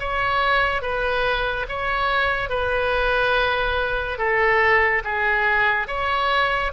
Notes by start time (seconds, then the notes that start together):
0.00 C#5
0.82 B4
1.69 C#5
2.50 B4
4.18 A4
5.05 G#4
5.88 C#5